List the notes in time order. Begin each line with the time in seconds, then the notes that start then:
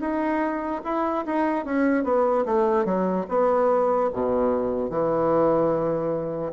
0.00 D#4
0.84 E4
1.25 D#4
1.65 C#4
2.03 B3
2.45 A3
2.85 F#3
3.28 B3
4.12 B2
4.89 E3